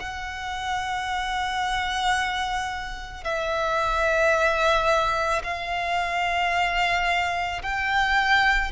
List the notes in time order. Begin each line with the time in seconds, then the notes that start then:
0.00 F#5
3.24 E5
5.44 F5
7.63 G5